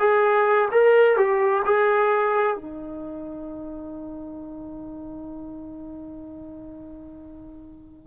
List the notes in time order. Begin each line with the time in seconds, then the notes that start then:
0.00 G#4
0.72 A#4
1.17 G4
1.65 G#4
2.56 D#4